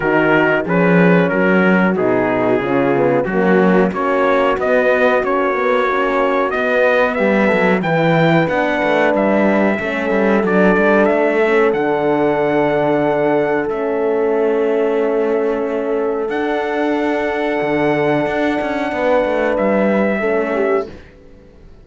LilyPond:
<<
  \new Staff \with { instrumentName = "trumpet" } { \time 4/4 \tempo 4 = 92 ais'4 b'4 ais'4 gis'4~ | gis'4 fis'4 cis''4 dis''4 | cis''2 dis''4 e''4 | g''4 fis''4 e''2 |
d''4 e''4 fis''2~ | fis''4 e''2.~ | e''4 fis''2.~ | fis''2 e''2 | }
  \new Staff \with { instrumentName = "horn" } { \time 4/4 fis'4 gis'4 fis'2 | f'4 cis'4 fis'2~ | fis'2. g'8 a'8 | b'2. a'4~ |
a'1~ | a'1~ | a'1~ | a'4 b'2 a'8 g'8 | }
  \new Staff \with { instrumentName = "horn" } { \time 4/4 dis'4 cis'2 dis'4 | cis'8 b8 ais4 cis'4 b4 | cis'8 b8 cis'4 b2 | e'4 d'2 cis'4 |
d'4. cis'8 d'2~ | d'4 cis'2.~ | cis'4 d'2.~ | d'2. cis'4 | }
  \new Staff \with { instrumentName = "cello" } { \time 4/4 dis4 f4 fis4 b,4 | cis4 fis4 ais4 b4 | ais2 b4 g8 fis8 | e4 b8 a8 g4 a8 g8 |
fis8 g8 a4 d2~ | d4 a2.~ | a4 d'2 d4 | d'8 cis'8 b8 a8 g4 a4 | }
>>